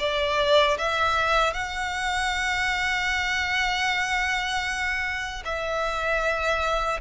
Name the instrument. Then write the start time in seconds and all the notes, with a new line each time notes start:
violin
0.00 D5
0.78 E5
1.54 F#5
5.45 E5